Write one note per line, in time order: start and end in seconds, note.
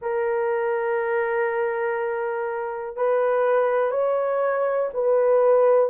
0.01 2.96 A#4
2.96 3.91 B4
3.91 4.89 C#5
4.93 5.90 B4